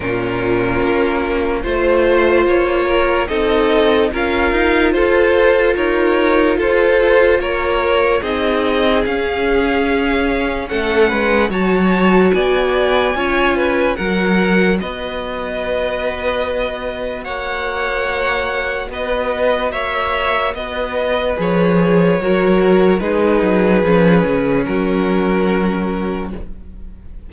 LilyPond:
<<
  \new Staff \with { instrumentName = "violin" } { \time 4/4 \tempo 4 = 73 ais'2 c''4 cis''4 | dis''4 f''4 c''4 cis''4 | c''4 cis''4 dis''4 f''4~ | f''4 fis''4 a''4 gis''4~ |
gis''4 fis''4 dis''2~ | dis''4 fis''2 dis''4 | e''4 dis''4 cis''2 | b'2 ais'2 | }
  \new Staff \with { instrumentName = "violin" } { \time 4/4 f'2 c''4. ais'8 | a'4 ais'4 a'4 ais'4 | a'4 ais'4 gis'2~ | gis'4 a'8 b'8 cis''4 d''4 |
cis''8 b'8 ais'4 b'2~ | b'4 cis''2 b'4 | cis''4 b'2 ais'4 | gis'2 fis'2 | }
  \new Staff \with { instrumentName = "viola" } { \time 4/4 cis'2 f'2 | dis'4 f'2.~ | f'2 dis'4 cis'4~ | cis'2 fis'2 |
f'4 fis'2.~ | fis'1~ | fis'2 gis'4 fis'4 | dis'4 cis'2. | }
  \new Staff \with { instrumentName = "cello" } { \time 4/4 ais,4 ais4 a4 ais4 | c'4 cis'8 dis'8 f'4 dis'4 | f'4 ais4 c'4 cis'4~ | cis'4 a8 gis8 fis4 b4 |
cis'4 fis4 b2~ | b4 ais2 b4 | ais4 b4 f4 fis4 | gis8 fis8 f8 cis8 fis2 | }
>>